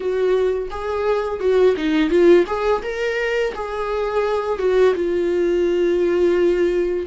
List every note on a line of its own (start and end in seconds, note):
0.00 0.68 F#4
0.70 1.40 G#4
1.40 1.75 F#4
1.76 2.10 D#4
2.10 2.45 F4
2.46 2.82 G#4
2.82 3.53 A#4
3.54 4.59 G#4
4.59 4.94 F#4
4.94 7.06 F4